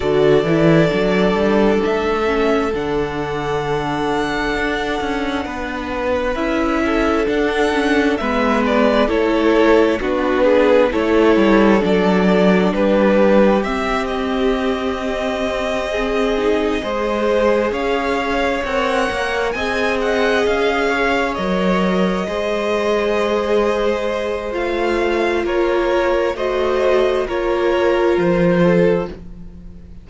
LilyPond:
<<
  \new Staff \with { instrumentName = "violin" } { \time 4/4 \tempo 4 = 66 d''2 e''4 fis''4~ | fis''2. e''4 | fis''4 e''8 d''8 cis''4 b'4 | cis''4 d''4 b'4 e''8 dis''8~ |
dis''2.~ dis''8 f''8~ | f''8 fis''4 gis''8 fis''8 f''4 dis''8~ | dis''2. f''4 | cis''4 dis''4 cis''4 c''4 | }
  \new Staff \with { instrumentName = "violin" } { \time 4/4 a'1~ | a'2 b'4. a'8~ | a'4 b'4 a'4 fis'8 gis'8 | a'2 g'2~ |
g'4. gis'4 c''4 cis''8~ | cis''4. dis''4. cis''4~ | cis''8 c''2.~ c''8 | ais'4 c''4 ais'4. a'8 | }
  \new Staff \with { instrumentName = "viola" } { \time 4/4 fis'8 e'8 d'4. cis'8 d'4~ | d'2. e'4 | d'8 cis'8 b4 e'4 d'4 | e'4 d'2 c'4~ |
c'2 dis'8 gis'4.~ | gis'8 ais'4 gis'2 ais'8~ | ais'8 gis'2~ gis'8 f'4~ | f'4 fis'4 f'2 | }
  \new Staff \with { instrumentName = "cello" } { \time 4/4 d8 e8 fis8 g8 a4 d4~ | d4 d'8 cis'8 b4 cis'4 | d'4 gis4 a4 b4 | a8 g8 fis4 g4 c'4~ |
c'2~ c'8 gis4 cis'8~ | cis'8 c'8 ais8 c'4 cis'4 fis8~ | fis8 gis2~ gis8 a4 | ais4 a4 ais4 f4 | }
>>